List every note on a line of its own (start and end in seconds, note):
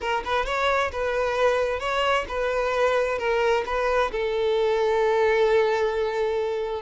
0.00 0.23 A#4
0.24 0.45 B4
0.45 0.91 C#5
0.92 1.79 B4
1.79 2.25 C#5
2.28 3.18 B4
3.18 3.64 A#4
3.65 4.11 B4
4.11 6.82 A4